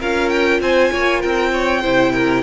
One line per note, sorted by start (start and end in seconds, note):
0.00 0.61 C#4
0.00 1.84 F4
0.00 0.61 A#4
0.00 0.30 F5
0.30 0.61 G5
0.61 0.91 C4
0.61 0.92 C5
0.61 1.22 G#5
0.92 1.24 A#3
0.92 1.21 C#5
1.21 1.84 C4
1.21 1.52 A#4
1.21 2.43 G5
1.53 1.82 C#5
1.82 2.43 C3
1.82 2.43 E4
1.82 2.13 C5
2.13 2.43 A#4